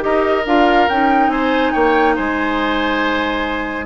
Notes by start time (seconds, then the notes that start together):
0.00 D#4 G4 A#4 D#5
0.46 D4 F4 F5
0.88 C#4 D#4 G5
1.28 C4 C5 G#5
1.72 A#3 C#5 G5
2.15 G#3 C5 G#5